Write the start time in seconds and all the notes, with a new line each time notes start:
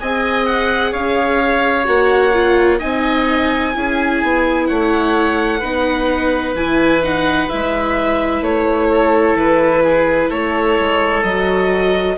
0.00 C4 G#4 D#5 G#5
0.46 F#5
0.91 C#4 C#5 F5
1.84 A#3 F#4 F#5
2.34 F4
2.78 C4 D#4 D#5 G#5
3.74 C#4 E4 G#4
4.23 B3
4.66 A3 C#5 F#5
5.60 B3 D#4 B4
6.54 E3 E4 G#5
7.03 D#4 F#5
7.49 G#3 E4 E5
8.41 A3 C#5
8.91 A4
9.35 E3 B4
9.84 G#4
10.29 A3 A4 C#5
10.79 G#3
11.23 F#3 F#4 D#5